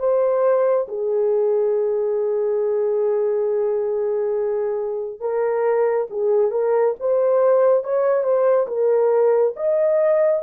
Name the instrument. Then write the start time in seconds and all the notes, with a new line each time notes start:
horn
0.00 C5
0.89 G#4
5.20 A#4
6.10 G#4
6.51 A#4
7.00 C5
7.84 C#5
8.24 C5
8.68 A#4
9.57 D#5